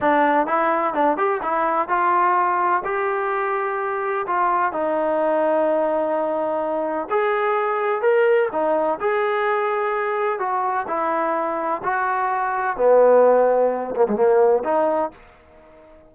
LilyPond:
\new Staff \with { instrumentName = "trombone" } { \time 4/4 \tempo 4 = 127 d'4 e'4 d'8 g'8 e'4 | f'2 g'2~ | g'4 f'4 dis'2~ | dis'2. gis'4~ |
gis'4 ais'4 dis'4 gis'4~ | gis'2 fis'4 e'4~ | e'4 fis'2 b4~ | b4. ais16 gis16 ais4 dis'4 | }